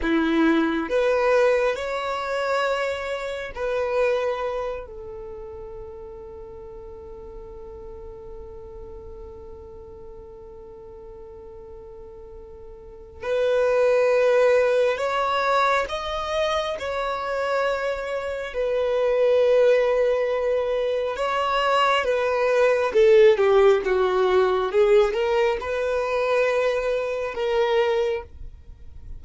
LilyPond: \new Staff \with { instrumentName = "violin" } { \time 4/4 \tempo 4 = 68 e'4 b'4 cis''2 | b'4. a'2~ a'8~ | a'1~ | a'2. b'4~ |
b'4 cis''4 dis''4 cis''4~ | cis''4 b'2. | cis''4 b'4 a'8 g'8 fis'4 | gis'8 ais'8 b'2 ais'4 | }